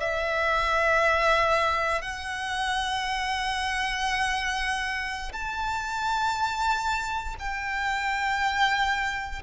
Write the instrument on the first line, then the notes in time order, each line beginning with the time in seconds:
violin
0.00 E5
2.01 F#5
5.32 A5
7.39 G5